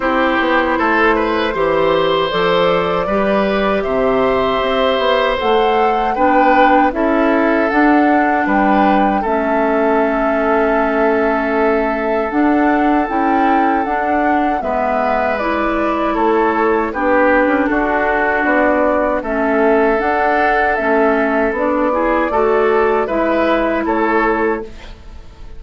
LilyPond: <<
  \new Staff \with { instrumentName = "flute" } { \time 4/4 \tempo 4 = 78 c''2. d''4~ | d''4 e''2 fis''4 | g''4 e''4 fis''4 g''4 | e''1 |
fis''4 g''4 fis''4 e''4 | d''4 cis''4 b'4 a'4 | d''4 e''4 fis''4 e''4 | d''2 e''4 cis''4 | }
  \new Staff \with { instrumentName = "oboe" } { \time 4/4 g'4 a'8 b'8 c''2 | b'4 c''2. | b'4 a'2 b'4 | a'1~ |
a'2. b'4~ | b'4 a'4 g'4 fis'4~ | fis'4 a'2.~ | a'8 gis'8 a'4 b'4 a'4 | }
  \new Staff \with { instrumentName = "clarinet" } { \time 4/4 e'2 g'4 a'4 | g'2. a'4 | d'4 e'4 d'2 | cis'1 |
d'4 e'4 d'4 b4 | e'2 d'2~ | d'4 cis'4 d'4 cis'4 | d'8 e'8 fis'4 e'2 | }
  \new Staff \with { instrumentName = "bassoon" } { \time 4/4 c'8 b8 a4 e4 f4 | g4 c4 c'8 b8 a4 | b4 cis'4 d'4 g4 | a1 |
d'4 cis'4 d'4 gis4~ | gis4 a4 b8. cis'16 d'4 | b4 a4 d'4 a4 | b4 a4 gis4 a4 | }
>>